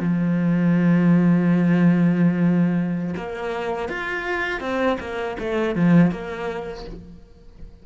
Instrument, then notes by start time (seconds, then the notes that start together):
cello
0.00 F3
3.17 A#3
3.89 F4
4.61 C4
5.00 A#3
5.40 A3
5.75 F3
6.11 A#3